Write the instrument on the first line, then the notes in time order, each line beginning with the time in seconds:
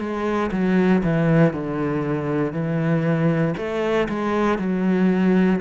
cello
0.00 G#3
0.52 F#3
1.04 E3
1.53 D3
2.53 E3
3.58 A3
4.09 G#3
4.59 F#3